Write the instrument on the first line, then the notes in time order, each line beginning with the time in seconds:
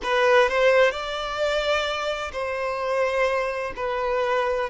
violin
0.03 B4
0.48 C5
0.91 D5
2.32 C5
3.75 B4